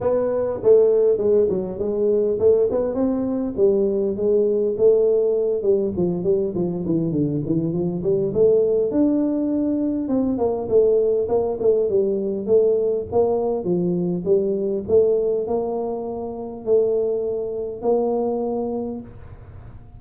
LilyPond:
\new Staff \with { instrumentName = "tuba" } { \time 4/4 \tempo 4 = 101 b4 a4 gis8 fis8 gis4 | a8 b8 c'4 g4 gis4 | a4. g8 f8 g8 f8 e8 | d8 e8 f8 g8 a4 d'4~ |
d'4 c'8 ais8 a4 ais8 a8 | g4 a4 ais4 f4 | g4 a4 ais2 | a2 ais2 | }